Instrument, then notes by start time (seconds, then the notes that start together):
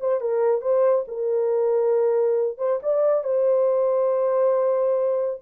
horn
0.00 C5
0.20 A#4
0.61 C5
1.08 A#4
2.58 C5
2.82 D5
3.23 C5